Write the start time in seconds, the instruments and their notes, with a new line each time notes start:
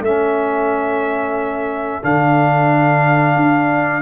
0.00 tuba A3, trombone C#4, horn A4, trumpet E5
2.03 tuba D3, trombone D4, trumpet F5
3.36 tuba D4